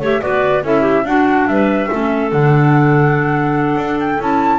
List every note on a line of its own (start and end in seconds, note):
0.00 0.21 A3
0.00 0.21 G4
0.00 0.22 C#5
0.00 0.22 E5
0.21 0.63 B3
0.21 0.63 F#4
0.21 0.65 B4
0.21 0.64 D5
0.63 1.04 C#4
0.63 1.05 E4
0.63 0.82 A4
0.63 1.06 E5
0.82 1.03 G4
1.04 1.46 D4
1.04 1.89 D4
1.04 1.49 F#4
1.04 1.47 F#5
1.47 1.90 G3
1.47 1.91 B4
1.47 2.31 E5
1.90 2.32 A3
1.90 2.32 C#4
1.90 4.59 A4
2.32 3.76 D3
2.32 4.20 D4
2.32 4.00 F#5
3.76 4.18 D4
4.00 4.21 G5
4.20 4.59 C#4
4.20 4.59 E4
4.20 4.59 A5